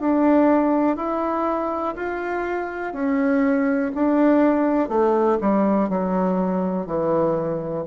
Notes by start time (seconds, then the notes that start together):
0.00 D4
0.96 E4
1.95 F4
2.93 C#4
3.94 D4
4.89 A3
5.41 G3
5.89 F#3
6.86 E3